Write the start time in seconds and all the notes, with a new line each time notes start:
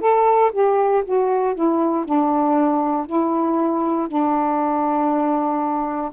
0.00 A4
0.52 G4
1.04 F#4
1.55 E4
2.05 D4
3.06 E4
4.08 D4